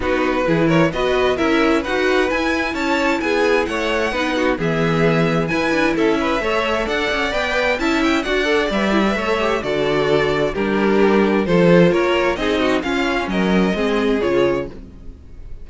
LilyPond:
<<
  \new Staff \with { instrumentName = "violin" } { \time 4/4 \tempo 4 = 131 b'4. cis''8 dis''4 e''4 | fis''4 gis''4 a''4 gis''4 | fis''2 e''2 | gis''4 e''2 fis''4 |
g''4 a''8 g''8 fis''4 e''4~ | e''4 d''2 ais'4~ | ais'4 c''4 cis''4 dis''4 | f''4 dis''2 cis''4 | }
  \new Staff \with { instrumentName = "violin" } { \time 4/4 fis'4 gis'8 ais'8 b'4 ais'4 | b'2 cis''4 gis'4 | cis''4 b'8 fis'8 gis'2 | b'4 a'8 b'8 cis''4 d''4~ |
d''4 e''4 d''2 | cis''4 a'2 g'4~ | g'4 a'4 ais'4 gis'8 fis'8 | f'4 ais'4 gis'2 | }
  \new Staff \with { instrumentName = "viola" } { \time 4/4 dis'4 e'4 fis'4 e'4 | fis'4 e'2.~ | e'4 dis'4 b2 | e'2 a'2 |
b'4 e'4 fis'8 a'8 b'8 e'16 b'16 | a'8 g'8 fis'2 d'4~ | d'4 f'2 dis'4 | cis'2 c'4 f'4 | }
  \new Staff \with { instrumentName = "cello" } { \time 4/4 b4 e4 b4 cis'4 | dis'4 e'4 cis'4 b4 | a4 b4 e2 | e'8 d'8 cis'4 a4 d'8 cis'8 |
b4 cis'4 d'4 g4 | a4 d2 g4~ | g4 f4 ais4 c'4 | cis'4 fis4 gis4 cis4 | }
>>